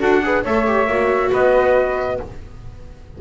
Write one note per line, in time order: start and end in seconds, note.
0.00 0.45 D4
0.00 0.22 F#4
0.00 0.22 A4
0.00 0.45 F#5
0.23 0.45 G#4
0.23 0.44 B4
0.44 0.88 A3
0.44 0.67 A4
0.44 1.31 C#5
0.44 1.33 E5
0.67 0.88 G4
0.88 1.31 A#3
0.88 2.20 F#4
1.31 2.20 B3
1.31 2.19 B4
1.31 2.21 D#5